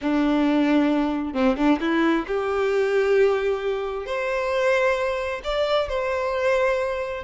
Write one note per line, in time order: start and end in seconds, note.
0.01 1.33 D4
1.33 1.56 C4
1.56 1.79 D4
1.80 2.25 E4
2.27 4.06 G4
4.06 5.41 C5
5.43 5.89 D5
5.89 7.23 C5